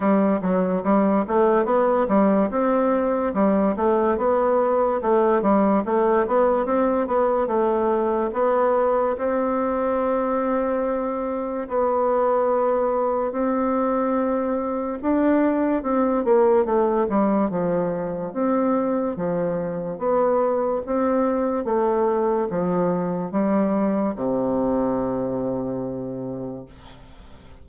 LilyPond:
\new Staff \with { instrumentName = "bassoon" } { \time 4/4 \tempo 4 = 72 g8 fis8 g8 a8 b8 g8 c'4 | g8 a8 b4 a8 g8 a8 b8 | c'8 b8 a4 b4 c'4~ | c'2 b2 |
c'2 d'4 c'8 ais8 | a8 g8 f4 c'4 f4 | b4 c'4 a4 f4 | g4 c2. | }